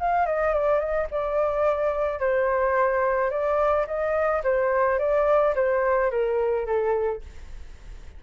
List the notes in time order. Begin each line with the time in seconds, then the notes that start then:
0.00 F5
0.27 D#5
0.54 D5
0.80 D#5
1.11 D5
2.20 C5
3.31 D5
3.87 D#5
4.44 C5
4.99 D5
5.55 C5
6.11 A#4
6.66 A4